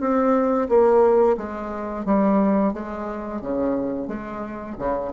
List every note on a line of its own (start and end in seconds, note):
0.00 0.68 C4
0.69 1.37 A#3
1.37 2.05 G#3
2.05 2.73 G3
2.73 3.41 G#3
3.41 4.08 C#3
4.08 4.76 G#3
4.78 5.12 C#3